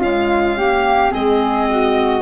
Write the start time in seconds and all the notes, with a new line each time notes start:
0.00 G#3 C#4 F4 F5
0.57 A#3 G4
1.10 G#3 C4 G#4 D#5
1.69 F#4